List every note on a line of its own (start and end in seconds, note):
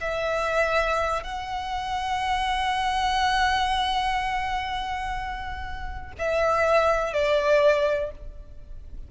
0.00 1.23 E5
1.23 6.12 F#5
6.18 7.13 E5
7.13 8.11 D5